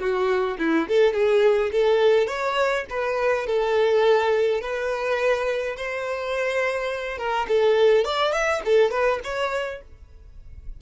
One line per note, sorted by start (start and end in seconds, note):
0.00 0.58 F#4
0.59 0.88 E4
0.88 1.13 A4
1.13 1.71 G#4
1.72 2.27 A4
2.27 2.85 C#5
2.90 3.47 B4
3.47 4.61 A4
4.61 5.76 B4
5.77 7.18 C5
7.18 7.47 A#4
7.48 8.05 A4
8.05 8.33 D5
8.33 8.61 E5
8.65 8.91 A4
8.91 9.20 B4
9.24 9.82 C#5